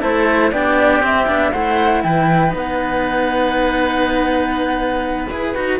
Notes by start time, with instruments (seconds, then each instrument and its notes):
0.00 cello A3 E4, oboe A4, flute C5
0.51 cello B3 D4, oboe G4, flute D5
1.00 cello C4, flute E5
1.27 cello B3 D4
1.52 cello A3 E4, oboe C5, flute F#5
2.03 cello E3, oboe B4, flute G5
2.49 cello B3 D#4
2.57 flute F#5
5.29 cello E4 G#4, flute B4
5.55 cello D#4 F#4